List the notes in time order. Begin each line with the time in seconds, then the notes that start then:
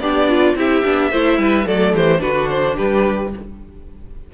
0.00 B3 D4 G4 D5
0.29 F4
0.55 C4 E4 G4 E5
0.84 B3 D4
1.11 A3 E4 C5
1.39 G3 B4
1.66 F#3 A3 A4 D5
1.95 E3 G4 C5
2.19 D3 D4 F#4 B4
2.50 C5
2.76 G3 G4 B4